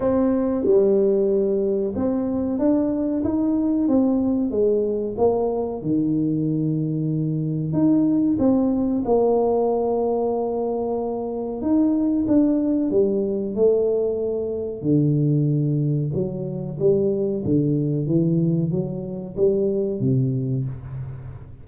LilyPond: \new Staff \with { instrumentName = "tuba" } { \time 4/4 \tempo 4 = 93 c'4 g2 c'4 | d'4 dis'4 c'4 gis4 | ais4 dis2. | dis'4 c'4 ais2~ |
ais2 dis'4 d'4 | g4 a2 d4~ | d4 fis4 g4 d4 | e4 fis4 g4 c4 | }